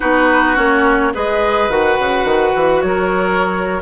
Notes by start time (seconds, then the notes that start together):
0.00 B3 D#4 F#4 B4
0.55 A#3 C#4 C#5
1.14 G#3 G#4 B4 D#5
1.69 D#3 F#4 F#5
1.99 C#3
2.24 D#3
2.55 E3
2.81 F#3 A#4 C#5